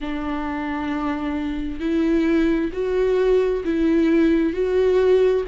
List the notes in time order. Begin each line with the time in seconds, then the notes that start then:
0.00 D4
1.79 E4
2.72 F#4
3.64 E4
4.53 F#4